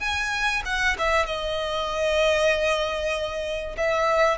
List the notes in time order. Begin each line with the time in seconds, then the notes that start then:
0.00 G#5
0.66 F#5
0.99 E5
1.26 D#5
3.78 E5